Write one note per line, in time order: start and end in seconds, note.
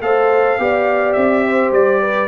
0.00 0.57 A3
0.00 0.59 A4
0.00 0.60 C5
0.00 1.12 F5
0.58 1.15 B3
0.58 2.28 G4
0.58 1.46 D5
1.12 1.71 C4
1.12 1.70 E5
1.46 2.01 C5
1.71 2.28 G3
1.71 2.28 D5
2.01 2.28 B4